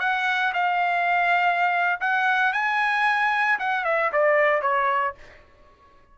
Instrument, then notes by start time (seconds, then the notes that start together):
trumpet
0.00 F#5
0.54 F5
2.01 F#5
2.53 G#5
3.59 F#5
3.85 E5
4.13 D5
4.62 C#5